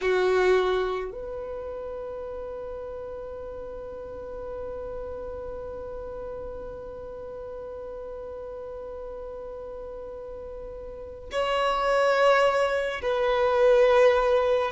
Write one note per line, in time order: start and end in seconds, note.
0.01 1.11 F#4
1.11 11.30 B4
11.31 13.01 C#5
13.02 14.71 B4